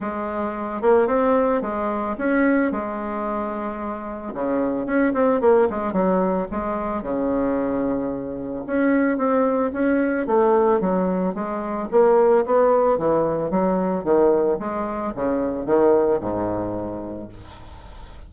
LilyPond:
\new Staff \with { instrumentName = "bassoon" } { \time 4/4 \tempo 4 = 111 gis4. ais8 c'4 gis4 | cis'4 gis2. | cis4 cis'8 c'8 ais8 gis8 fis4 | gis4 cis2. |
cis'4 c'4 cis'4 a4 | fis4 gis4 ais4 b4 | e4 fis4 dis4 gis4 | cis4 dis4 gis,2 | }